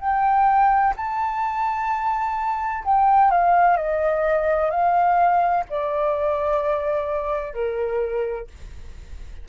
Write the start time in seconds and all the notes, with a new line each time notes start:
0.00 G5
0.96 A5
2.84 G5
3.31 F5
3.77 D#5
4.70 F5
5.70 D5
7.53 A#4